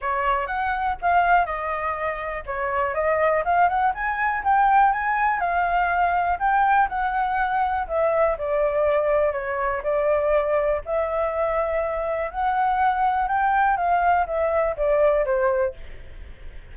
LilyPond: \new Staff \with { instrumentName = "flute" } { \time 4/4 \tempo 4 = 122 cis''4 fis''4 f''4 dis''4~ | dis''4 cis''4 dis''4 f''8 fis''8 | gis''4 g''4 gis''4 f''4~ | f''4 g''4 fis''2 |
e''4 d''2 cis''4 | d''2 e''2~ | e''4 fis''2 g''4 | f''4 e''4 d''4 c''4 | }